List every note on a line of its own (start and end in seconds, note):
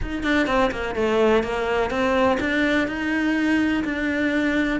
0.01 0.23 D#4
0.23 0.46 D4
0.46 0.70 C4
0.71 0.95 A#3
0.95 1.43 A3
1.43 1.90 A#3
1.90 2.38 C4
2.40 2.87 D4
2.87 3.83 D#4
3.84 4.80 D4